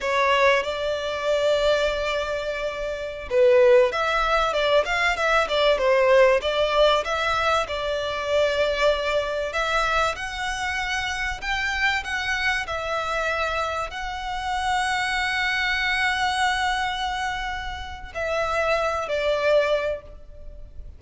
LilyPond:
\new Staff \with { instrumentName = "violin" } { \time 4/4 \tempo 4 = 96 cis''4 d''2.~ | d''4~ d''16 b'4 e''4 d''8 f''16~ | f''16 e''8 d''8 c''4 d''4 e''8.~ | e''16 d''2. e''8.~ |
e''16 fis''2 g''4 fis''8.~ | fis''16 e''2 fis''4.~ fis''16~ | fis''1~ | fis''4 e''4. d''4. | }